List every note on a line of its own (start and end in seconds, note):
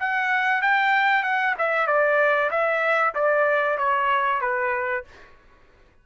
0.00 0.62 F#5
0.62 1.23 G5
1.23 1.55 F#5
1.58 1.87 E5
1.87 2.50 D5
2.51 3.14 E5
3.15 3.78 D5
3.78 4.41 C#5
4.42 5.05 B4